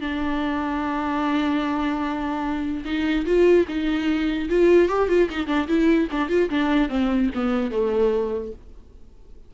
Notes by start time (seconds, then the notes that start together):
0.00 D4
2.85 D#4
3.25 F4
3.68 D#4
4.49 F4
4.88 G4
5.08 F4
5.29 D#4
5.47 D4
5.67 E4
6.11 D4
6.29 F4
6.50 D4
6.89 C4
7.34 B3
7.70 A3